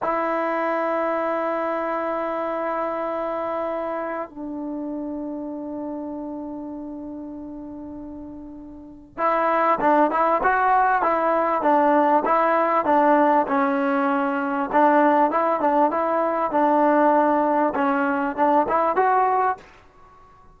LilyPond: \new Staff \with { instrumentName = "trombone" } { \time 4/4 \tempo 4 = 98 e'1~ | e'2. d'4~ | d'1~ | d'2. e'4 |
d'8 e'8 fis'4 e'4 d'4 | e'4 d'4 cis'2 | d'4 e'8 d'8 e'4 d'4~ | d'4 cis'4 d'8 e'8 fis'4 | }